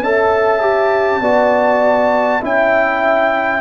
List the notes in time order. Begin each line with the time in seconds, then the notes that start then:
0.00 C#4 A4 E5 A5
0.61 G4
1.20 B3 F#4 D5
2.42 C#4 E4 E5 G5